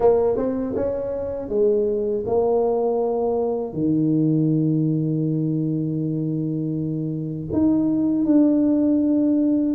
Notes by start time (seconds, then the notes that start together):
0.00 A#3
0.36 C4
0.75 C#4
1.49 G#3
2.25 A#3
3.73 D#3
7.52 D#4
8.25 D4